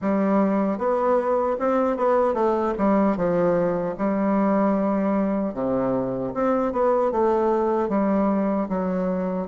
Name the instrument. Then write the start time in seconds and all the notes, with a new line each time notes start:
bassoon
0.01 G3
0.78 B3
1.59 C4
1.97 B3
2.34 A3
2.78 G3
3.17 F3
3.97 G3
5.54 C3
6.34 C4
6.72 B3
7.11 A3
7.88 G3
8.68 F#3